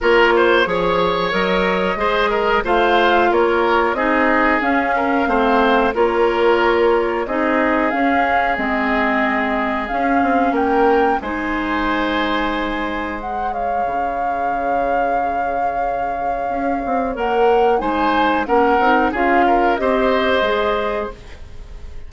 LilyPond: <<
  \new Staff \with { instrumentName = "flute" } { \time 4/4 \tempo 4 = 91 cis''2 dis''2 | f''4 cis''4 dis''4 f''4~ | f''4 cis''2 dis''4 | f''4 dis''2 f''4 |
g''4 gis''2. | fis''8 f''2.~ f''8~ | f''2 fis''4 gis''4 | fis''4 f''4 dis''2 | }
  \new Staff \with { instrumentName = "oboe" } { \time 4/4 ais'8 c''8 cis''2 c''8 ais'8 | c''4 ais'4 gis'4. ais'8 | c''4 ais'2 gis'4~ | gis'1 |
ais'4 c''2.~ | c''8 cis''2.~ cis''8~ | cis''2. c''4 | ais'4 gis'8 ais'8 c''2 | }
  \new Staff \with { instrumentName = "clarinet" } { \time 4/4 f'4 gis'4 ais'4 gis'4 | f'2 dis'4 cis'4 | c'4 f'2 dis'4 | cis'4 c'2 cis'4~ |
cis'4 dis'2. | gis'1~ | gis'2 ais'4 dis'4 | cis'8 dis'8 f'4 g'4 gis'4 | }
  \new Staff \with { instrumentName = "bassoon" } { \time 4/4 ais4 f4 fis4 gis4 | a4 ais4 c'4 cis'4 | a4 ais2 c'4 | cis'4 gis2 cis'8 c'8 |
ais4 gis2.~ | gis4 cis2.~ | cis4 cis'8 c'8 ais4 gis4 | ais8 c'8 cis'4 c'4 gis4 | }
>>